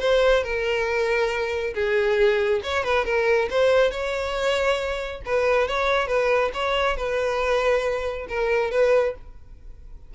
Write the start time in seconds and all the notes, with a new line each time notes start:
0.00 C5
0.44 A#4
1.74 G#4
2.64 C#5
2.84 B4
3.05 A#4
3.51 C5
3.91 C#5
5.25 B4
5.68 C#5
6.08 B4
6.54 C#5
6.97 B4
8.29 A#4
8.72 B4